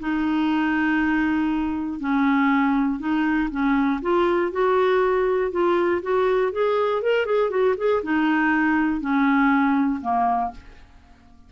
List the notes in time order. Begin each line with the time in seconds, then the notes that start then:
0.00 D#4
2.00 C#4
3.00 D#4
3.51 C#4
4.02 F4
4.52 F#4
5.52 F4
6.02 F#4
6.52 G#4
7.02 A#4
7.26 G#4
7.50 F#4
7.78 G#4
8.03 D#4
9.01 C#4
10.02 A#3